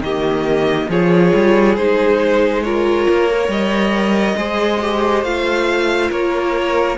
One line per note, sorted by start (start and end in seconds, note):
0.00 0.87 D#3
0.00 0.90 A#3
0.00 0.89 G4
0.00 0.90 D#5
0.89 1.32 F3
0.89 1.77 F4
0.89 2.62 G#4
0.89 1.76 C#5
1.34 1.77 G3
1.76 3.07 G#3
1.76 2.65 D#4
1.76 2.63 C5
2.62 3.30 F4
2.62 3.50 A#4
2.62 4.36 C#5
3.09 3.48 A#3
3.30 4.37 A#4
3.48 4.35 G3
3.48 5.24 D#5
4.37 5.23 G#3
4.37 4.80 G#4
4.37 6.10 C5
4.82 5.24 G4
5.23 6.10 A3
5.23 6.97 F4
5.23 6.11 F5
6.10 6.97 A#3
6.10 6.97 A#4
6.10 6.97 C#5